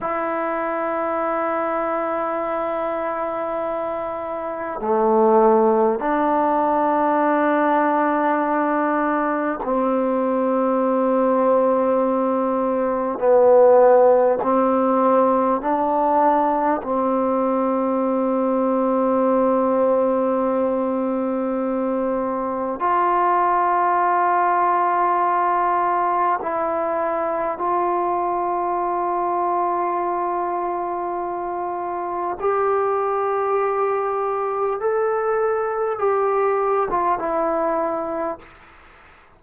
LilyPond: \new Staff \with { instrumentName = "trombone" } { \time 4/4 \tempo 4 = 50 e'1 | a4 d'2. | c'2. b4 | c'4 d'4 c'2~ |
c'2. f'4~ | f'2 e'4 f'4~ | f'2. g'4~ | g'4 a'4 g'8. f'16 e'4 | }